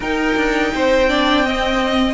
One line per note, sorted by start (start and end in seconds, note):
0.00 0.35 D#4
0.00 1.09 D#4
0.00 0.72 A#4
0.00 2.13 G5
0.36 0.72 D4
0.73 2.13 C4
0.73 1.09 C5
1.09 1.45 D4
1.09 1.45 D5
1.45 2.13 C4
1.45 2.13 D#5